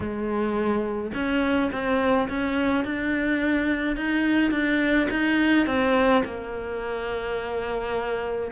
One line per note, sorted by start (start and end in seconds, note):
0.00 1.11 G#3
1.14 1.70 C#4
1.71 2.28 C4
2.28 2.84 C#4
2.84 3.96 D4
3.96 4.51 D#4
4.51 5.08 D4
5.10 5.66 D#4
5.66 6.23 C4
6.24 8.51 A#3